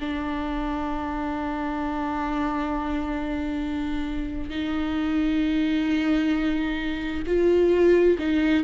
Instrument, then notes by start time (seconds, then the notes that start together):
viola
0.00 D4
4.50 D#4
7.27 F4
8.19 D#4